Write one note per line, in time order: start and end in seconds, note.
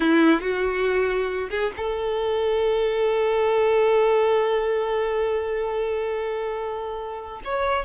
0.00 0.40 E4
0.40 1.49 F#4
1.49 1.71 G#4
1.76 7.41 A4
7.44 7.85 C#5